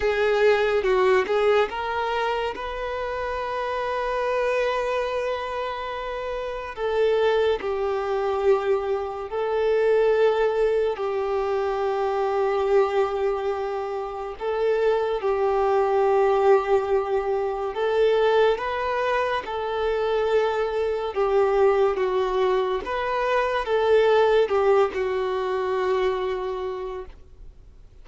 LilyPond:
\new Staff \with { instrumentName = "violin" } { \time 4/4 \tempo 4 = 71 gis'4 fis'8 gis'8 ais'4 b'4~ | b'1 | a'4 g'2 a'4~ | a'4 g'2.~ |
g'4 a'4 g'2~ | g'4 a'4 b'4 a'4~ | a'4 g'4 fis'4 b'4 | a'4 g'8 fis'2~ fis'8 | }